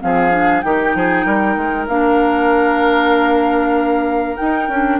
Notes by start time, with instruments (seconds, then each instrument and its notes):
0.00 bassoon F3, clarinet C4, oboe G#4, flute F5
0.30 clarinet D4
0.61 bassoon D#3, clarinet D#4, oboe G4, flute G5
0.94 bassoon F3, oboe G#4
1.25 bassoon G3, oboe A#4
1.56 bassoon G#3
1.87 bassoon A#3, clarinet D4, flute F5
4.36 clarinet D#4, bassoon D#4, flute G5
4.68 bassoon C#4, clarinet D4